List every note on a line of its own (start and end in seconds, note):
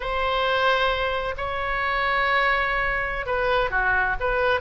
0.00 1.34 C5
1.37 3.26 C#5
3.26 3.70 B4
3.70 4.15 F#4
4.20 4.60 B4